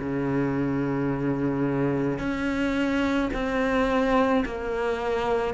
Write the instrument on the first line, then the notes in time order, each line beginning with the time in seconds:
cello
0.00 C#3
2.19 C#4
3.33 C4
4.45 A#3